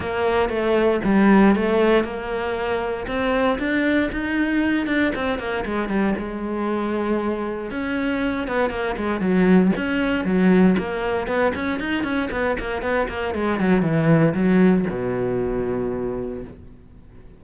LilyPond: \new Staff \with { instrumentName = "cello" } { \time 4/4 \tempo 4 = 117 ais4 a4 g4 a4 | ais2 c'4 d'4 | dis'4. d'8 c'8 ais8 gis8 g8 | gis2. cis'4~ |
cis'8 b8 ais8 gis8 fis4 cis'4 | fis4 ais4 b8 cis'8 dis'8 cis'8 | b8 ais8 b8 ais8 gis8 fis8 e4 | fis4 b,2. | }